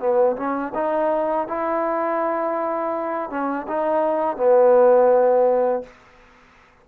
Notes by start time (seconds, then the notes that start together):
0.00 B3
0.37 C#4
0.75 D#4
1.48 E4
3.30 C#4
3.68 D#4
4.37 B3